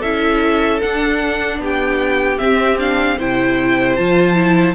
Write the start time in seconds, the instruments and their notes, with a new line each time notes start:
0.00 cello C#4, viola E4, violin A4 E5
0.82 viola D4, cello D4, violin F#5
1.59 cello B3, violin G4
1.65 violin G5
2.38 viola C4, cello C4, violin E5
2.80 viola D4, violin F5
3.18 cello C3, viola E4, violin C5 G5
3.96 cello F3, viola F4, violin A5
4.35 viola E4